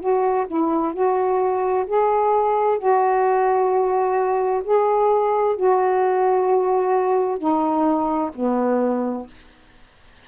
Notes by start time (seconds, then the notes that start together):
0.00 F#4
0.47 E4
0.94 F#4
1.87 G#4
2.78 F#4
4.64 G#4
5.56 F#4
7.38 D#4
8.35 B3